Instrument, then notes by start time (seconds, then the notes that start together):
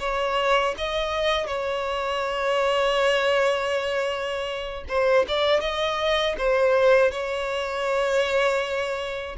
violin
0.00 C#5
0.78 D#5
1.47 C#5
4.89 C5
5.28 D5
5.61 D#5
6.38 C5
7.11 C#5